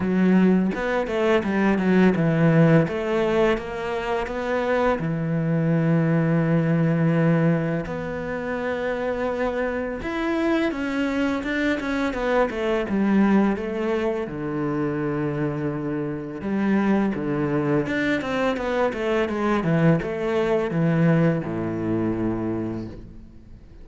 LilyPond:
\new Staff \with { instrumentName = "cello" } { \time 4/4 \tempo 4 = 84 fis4 b8 a8 g8 fis8 e4 | a4 ais4 b4 e4~ | e2. b4~ | b2 e'4 cis'4 |
d'8 cis'8 b8 a8 g4 a4 | d2. g4 | d4 d'8 c'8 b8 a8 gis8 e8 | a4 e4 a,2 | }